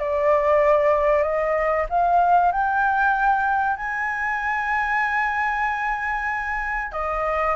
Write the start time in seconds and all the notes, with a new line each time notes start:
0.00 D5
1.23 D#5
1.90 F5
2.52 G5
3.77 G#5
6.92 D#5